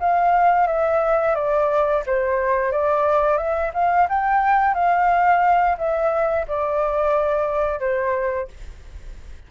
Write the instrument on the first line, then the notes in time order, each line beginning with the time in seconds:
flute
0.00 F5
0.68 E5
1.35 D5
2.06 C5
2.72 D5
3.38 E5
3.74 F5
4.10 G5
4.75 F5
5.78 E5
6.48 D5
7.80 C5